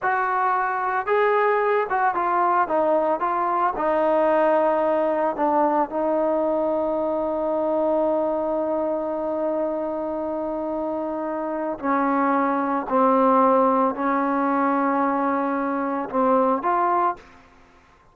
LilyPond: \new Staff \with { instrumentName = "trombone" } { \time 4/4 \tempo 4 = 112 fis'2 gis'4. fis'8 | f'4 dis'4 f'4 dis'4~ | dis'2 d'4 dis'4~ | dis'1~ |
dis'1~ | dis'2 cis'2 | c'2 cis'2~ | cis'2 c'4 f'4 | }